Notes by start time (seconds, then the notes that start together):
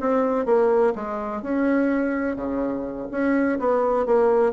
0.00 C4
0.46 A#3
0.95 G#3
1.42 C#4
2.36 C#3
3.11 C#4
3.59 B3
4.06 A#3